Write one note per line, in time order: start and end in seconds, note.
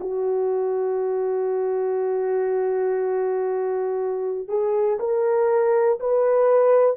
0.00 4.49 F#4
4.49 4.99 G#4
5.00 6.00 A#4
6.00 6.97 B4